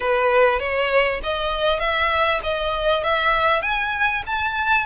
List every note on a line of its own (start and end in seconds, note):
0.00 0.59 B4
0.59 1.20 C#5
1.23 1.79 D#5
1.79 2.40 E5
2.43 3.03 D#5
3.03 3.62 E5
3.62 4.22 G#5
4.26 4.85 A5